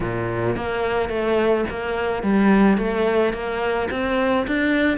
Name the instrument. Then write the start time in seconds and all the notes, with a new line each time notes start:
cello
0.00 A#2
0.56 A#3
1.09 A3
1.69 A#3
2.22 G3
2.77 A3
3.33 A#3
3.90 C4
4.47 D4